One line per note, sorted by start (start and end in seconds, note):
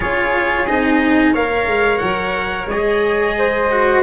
0.00 0.69 C#4
0.00 0.67 F4
0.00 1.33 G#4
0.00 0.66 C#5
0.66 1.34 C4
0.66 1.34 D#4
0.66 1.33 D#5
1.33 1.66 A#3
1.33 2.69 A#4
1.33 3.35 C#5
1.33 1.97 F5
1.66 2.00 G#3
1.97 2.66 F#3
1.97 2.65 F#5
2.66 4.00 G#3
2.66 4.03 D#5
2.72 3.71 G#4
3.38 4.03 C5
3.71 4.03 F#4